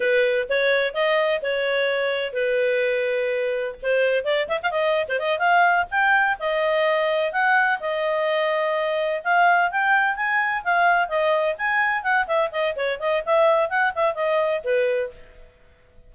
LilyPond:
\new Staff \with { instrumentName = "clarinet" } { \time 4/4 \tempo 4 = 127 b'4 cis''4 dis''4 cis''4~ | cis''4 b'2. | c''4 d''8 e''16 f''16 dis''8. c''16 dis''8 f''8~ | f''8 g''4 dis''2 fis''8~ |
fis''8 dis''2. f''8~ | f''8 g''4 gis''4 f''4 dis''8~ | dis''8 gis''4 fis''8 e''8 dis''8 cis''8 dis''8 | e''4 fis''8 e''8 dis''4 b'4 | }